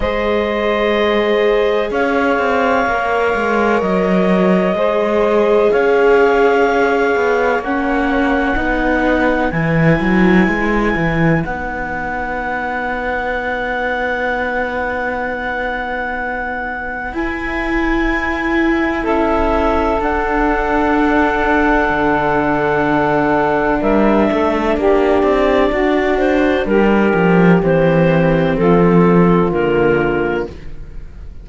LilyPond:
<<
  \new Staff \with { instrumentName = "clarinet" } { \time 4/4 \tempo 4 = 63 dis''2 f''2 | dis''2 f''2 | fis''2 gis''2 | fis''1~ |
fis''2 gis''2 | e''4 fis''2.~ | fis''4 e''4 d''4. c''8 | ais'4 c''4 a'4 ais'4 | }
  \new Staff \with { instrumentName = "saxophone" } { \time 4/4 c''2 cis''2~ | cis''4 c''4 cis''2~ | cis''4 b'2.~ | b'1~ |
b'1 | a'1~ | a'4 ais'8 a'8 g'4 fis'4 | g'2 f'2 | }
  \new Staff \with { instrumentName = "viola" } { \time 4/4 gis'2. ais'4~ | ais'4 gis'2. | cis'4 dis'4 e'2 | dis'1~ |
dis'2 e'2~ | e'4 d'2.~ | d'1~ | d'4 c'2 ais4 | }
  \new Staff \with { instrumentName = "cello" } { \time 4/4 gis2 cis'8 c'8 ais8 gis8 | fis4 gis4 cis'4. b8 | ais4 b4 e8 fis8 gis8 e8 | b1~ |
b2 e'2 | cis'4 d'2 d4~ | d4 g8 a8 ais8 c'8 d'4 | g8 f8 e4 f4 d4 | }
>>